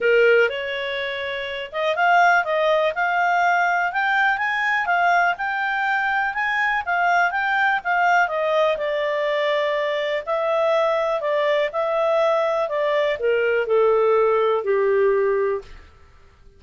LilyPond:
\new Staff \with { instrumentName = "clarinet" } { \time 4/4 \tempo 4 = 123 ais'4 cis''2~ cis''8 dis''8 | f''4 dis''4 f''2 | g''4 gis''4 f''4 g''4~ | g''4 gis''4 f''4 g''4 |
f''4 dis''4 d''2~ | d''4 e''2 d''4 | e''2 d''4 ais'4 | a'2 g'2 | }